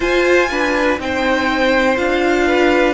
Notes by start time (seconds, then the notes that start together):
0.00 F4 C5 G#5
0.50 D4 B4
0.98 C4 D#4 C5 G5
1.96 D4 F4 F5
2.47 B4